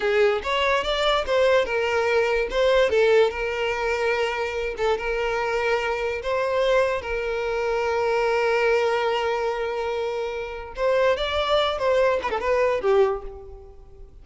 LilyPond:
\new Staff \with { instrumentName = "violin" } { \time 4/4 \tempo 4 = 145 gis'4 cis''4 d''4 c''4 | ais'2 c''4 a'4 | ais'2.~ ais'8 a'8 | ais'2. c''4~ |
c''4 ais'2.~ | ais'1~ | ais'2 c''4 d''4~ | d''8 c''4 b'16 a'16 b'4 g'4 | }